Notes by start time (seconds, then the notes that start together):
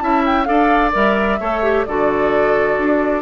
0.00 C#4 E4 E5 A5
0.26 G5
0.44 D4 A4 D5 F5
0.93 G3 A#4 E5
1.40 A3 A4 C#5
1.63 G4
1.86 D3 F#4 A4 D5
2.78 D4